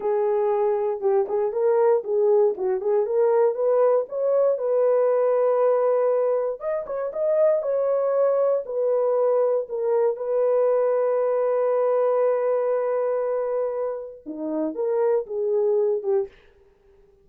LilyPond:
\new Staff \with { instrumentName = "horn" } { \time 4/4 \tempo 4 = 118 gis'2 g'8 gis'8 ais'4 | gis'4 fis'8 gis'8 ais'4 b'4 | cis''4 b'2.~ | b'4 dis''8 cis''8 dis''4 cis''4~ |
cis''4 b'2 ais'4 | b'1~ | b'1 | dis'4 ais'4 gis'4. g'8 | }